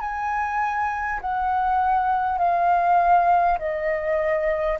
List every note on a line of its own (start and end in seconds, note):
0.00 1.20 G#5
1.21 2.38 F#5
2.38 3.58 F5
3.59 4.79 D#5